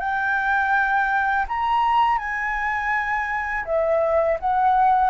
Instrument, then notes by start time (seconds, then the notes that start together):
flute
0.00 G5
1.49 A#5
2.19 G#5
3.66 E5
4.40 F#5